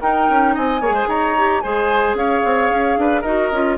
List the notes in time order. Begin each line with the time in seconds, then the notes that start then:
0.00 D#4 A#4 G5
0.29 C#4
0.55 C4 D#5 G#5
0.81 A#3 G#4 C#5
0.90 G#3 C5
1.08 D#4 C#5 A#5
1.37 G4
1.61 G#3 G#4 C5 G#5
2.14 C#4 C#5 F5
2.45 C4
2.71 C#4
2.97 D4 B4
3.21 D#4 F#4 A#4 D#5
3.52 C#4 F4